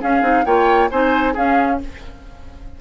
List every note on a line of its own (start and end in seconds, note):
0.00 0.22 C#4
0.00 0.45 G#4
0.00 0.46 F5
0.22 0.44 C4
0.22 0.44 D#4
0.46 0.90 A#3
0.46 0.90 F4
0.46 0.90 C#5
0.46 0.90 G5
0.91 1.36 C4
0.91 1.36 D#4
0.91 1.33 C5
0.91 1.35 G#5
1.33 1.81 C#4
1.33 1.78 G#4
1.33 1.80 F5